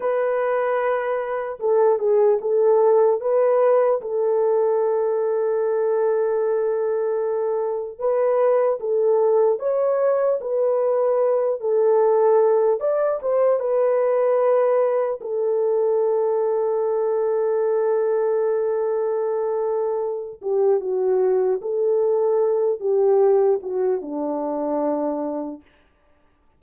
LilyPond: \new Staff \with { instrumentName = "horn" } { \time 4/4 \tempo 4 = 75 b'2 a'8 gis'8 a'4 | b'4 a'2.~ | a'2 b'4 a'4 | cis''4 b'4. a'4. |
d''8 c''8 b'2 a'4~ | a'1~ | a'4. g'8 fis'4 a'4~ | a'8 g'4 fis'8 d'2 | }